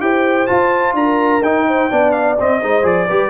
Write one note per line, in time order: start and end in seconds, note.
0.00 0.48 E4
0.00 0.47 G4
0.00 0.97 C5
0.00 0.46 G5
0.46 1.41 F4
0.46 0.93 F4
0.46 0.94 A5
0.93 1.40 D4
0.93 1.67 A#4
0.93 1.43 A#5
1.41 1.88 D#4
1.41 1.90 D#4
1.41 2.11 G5
1.67 1.89 C5
1.89 2.39 B3
1.89 2.37 D4
1.89 2.60 D5
2.11 2.35 F5
2.39 2.62 C4
2.39 2.85 D#5
2.60 2.83 G#3
2.60 2.82 D#4
2.60 3.07 C5
2.82 3.07 F3
2.82 3.06 G#4
2.82 3.30 D5
3.07 3.30 G3
3.07 3.30 G4
3.07 3.30 B4